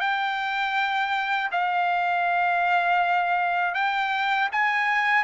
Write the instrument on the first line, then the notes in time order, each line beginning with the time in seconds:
trumpet
0.00 G5
1.51 F5
3.74 G5
4.52 G#5